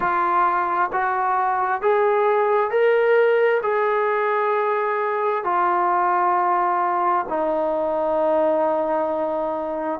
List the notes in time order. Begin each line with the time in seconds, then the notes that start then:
0.00 F4
0.92 F#4
1.81 G#4
2.70 A#4
3.62 G#4
5.43 F4
7.28 D#4